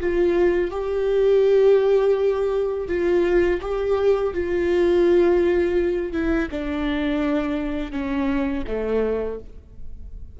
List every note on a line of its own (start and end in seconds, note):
0.00 0.71 F4
0.71 2.88 G4
2.88 3.60 F4
3.61 4.33 G4
4.33 6.12 F4
6.12 6.48 E4
6.51 7.92 D4
7.92 8.64 C#4
8.67 9.39 A3